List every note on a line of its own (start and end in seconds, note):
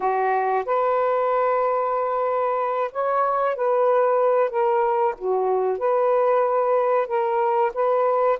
0.00 0.65 F#4
0.65 2.91 B4
2.91 3.55 C#5
3.55 4.50 B4
4.50 5.14 A#4
5.18 5.78 F#4
5.78 7.07 B4
7.07 7.72 A#4
7.74 8.38 B4